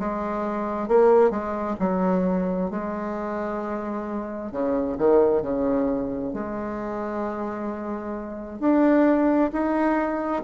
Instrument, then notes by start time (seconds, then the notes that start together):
bassoon
0.00 G#3
0.89 A#3
1.31 G#3
1.80 F#3
2.71 G#3
4.52 C#3
4.98 D#3
5.43 C#3
6.33 G#3
8.60 D4
9.53 D#4